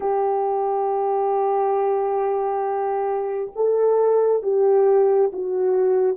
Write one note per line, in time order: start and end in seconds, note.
0.00 3.51 G4
3.55 4.42 A4
4.42 5.31 G4
5.32 6.16 F#4